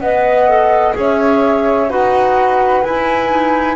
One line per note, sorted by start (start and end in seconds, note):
0.00 0.94 B3
0.00 0.49 B4
0.00 0.96 D#5
0.00 0.94 F#5
0.49 0.94 A4
0.94 1.90 C#4
0.94 1.88 G#4
0.94 1.90 C#5
1.00 1.90 E5
1.90 2.84 D#4
1.90 2.83 F#4
1.90 3.76 B4
1.90 2.83 F#5
2.83 3.76 E4
2.83 3.30 E4
2.83 3.76 G#5
3.30 3.76 D#4